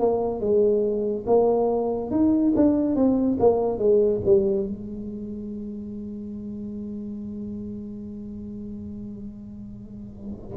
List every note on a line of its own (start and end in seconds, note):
0.00 0.41 A#3
0.41 1.26 G#3
1.27 2.11 A#3
2.11 2.54 D#4
2.56 2.96 D4
2.96 3.38 C4
3.40 3.79 A#3
3.79 4.21 G#3
4.26 4.67 G3
4.67 10.57 G#3